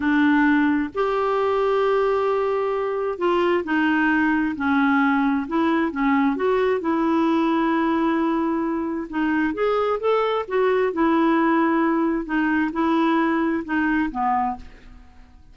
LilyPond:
\new Staff \with { instrumentName = "clarinet" } { \time 4/4 \tempo 4 = 132 d'2 g'2~ | g'2. f'4 | dis'2 cis'2 | e'4 cis'4 fis'4 e'4~ |
e'1 | dis'4 gis'4 a'4 fis'4 | e'2. dis'4 | e'2 dis'4 b4 | }